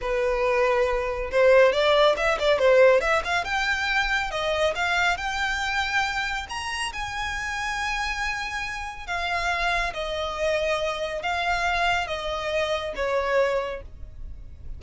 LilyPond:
\new Staff \with { instrumentName = "violin" } { \time 4/4 \tempo 4 = 139 b'2. c''4 | d''4 e''8 d''8 c''4 e''8 f''8 | g''2 dis''4 f''4 | g''2. ais''4 |
gis''1~ | gis''4 f''2 dis''4~ | dis''2 f''2 | dis''2 cis''2 | }